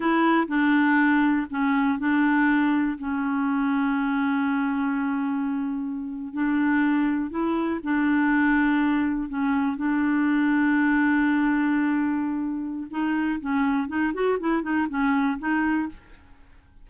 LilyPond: \new Staff \with { instrumentName = "clarinet" } { \time 4/4 \tempo 4 = 121 e'4 d'2 cis'4 | d'2 cis'2~ | cis'1~ | cis'8. d'2 e'4 d'16~ |
d'2~ d'8. cis'4 d'16~ | d'1~ | d'2 dis'4 cis'4 | dis'8 fis'8 e'8 dis'8 cis'4 dis'4 | }